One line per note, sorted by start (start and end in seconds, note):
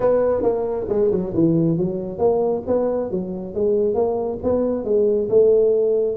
0.00 0.42 B3
0.42 0.86 A#3
0.88 1.10 G#3
1.11 1.33 F#3
1.34 1.77 E3
1.77 2.18 F#3
2.18 2.62 A#3
2.67 3.10 B3
3.10 3.54 F#3
3.54 3.94 G#3
3.94 4.38 A#3
4.43 4.84 B3
4.84 5.28 G#3
5.29 6.16 A3